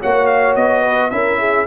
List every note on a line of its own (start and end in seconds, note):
0.00 0.56 A#3
0.00 1.11 F#4
0.00 0.82 C#5
0.00 0.26 F#5
0.26 0.54 F5
0.55 1.12 B3
0.55 1.10 D#5
0.82 1.10 B4
1.10 1.67 C#4
1.10 1.67 E4
1.10 1.39 A#4
1.10 1.66 E5
1.39 1.67 G#4